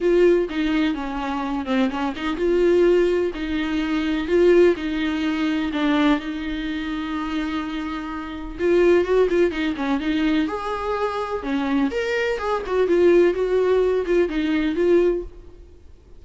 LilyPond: \new Staff \with { instrumentName = "viola" } { \time 4/4 \tempo 4 = 126 f'4 dis'4 cis'4. c'8 | cis'8 dis'8 f'2 dis'4~ | dis'4 f'4 dis'2 | d'4 dis'2.~ |
dis'2 f'4 fis'8 f'8 | dis'8 cis'8 dis'4 gis'2 | cis'4 ais'4 gis'8 fis'8 f'4 | fis'4. f'8 dis'4 f'4 | }